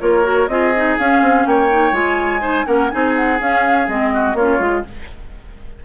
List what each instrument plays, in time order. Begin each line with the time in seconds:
0.00 bassoon A#3, clarinet F4, oboe A#4, flute C#5
0.23 clarinet F#4
0.47 bassoon C4, clarinet F4, oboe G#4, flute D#5
0.76 clarinet D#4
0.98 clarinet C#4, bassoon C#4, flute F5
1.21 bassoon C4
1.45 bassoon A#3, oboe C#5, flute G5
1.70 clarinet D#4
1.92 bassoon G#3, clarinet F4, flute G#5
2.40 clarinet D#4, oboe C5
2.65 bassoon A#3, clarinet C#4, oboe A#4, flute F#5
2.90 bassoon C4, clarinet D#4, oboe G#4, flute G#5
3.16 flute F#5
3.39 bassoon C#4, clarinet C#4, flute F5
3.87 bassoon G#3, clarinet C4, flute D#5
4.13 oboe F#4
4.34 bassoon A#3, clarinet C#4, oboe F4, flute C#5
4.58 bassoon G#3, clarinet F4